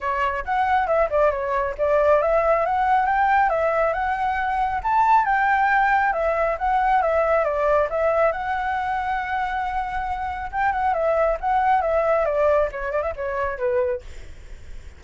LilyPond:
\new Staff \with { instrumentName = "flute" } { \time 4/4 \tempo 4 = 137 cis''4 fis''4 e''8 d''8 cis''4 | d''4 e''4 fis''4 g''4 | e''4 fis''2 a''4 | g''2 e''4 fis''4 |
e''4 d''4 e''4 fis''4~ | fis''1 | g''8 fis''8 e''4 fis''4 e''4 | d''4 cis''8 d''16 e''16 cis''4 b'4 | }